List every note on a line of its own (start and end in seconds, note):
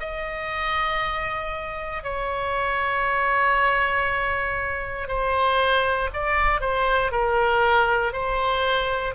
0.00 2.03 D#5
2.03 5.08 C#5
5.08 6.09 C5
6.13 6.61 D5
6.61 7.11 C5
7.11 8.13 A#4
8.13 9.14 C5